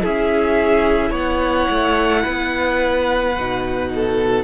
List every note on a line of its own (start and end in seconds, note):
0.00 1.11 C#4
0.00 3.33 E4
0.00 1.10 G#4
0.00 1.14 E5
1.10 1.66 B3
1.10 2.21 C#5
1.10 4.44 F#5
1.69 2.25 A3
2.22 3.37 B3
2.22 3.89 B4
3.37 4.44 B2
3.37 4.44 D#4
3.95 4.44 A4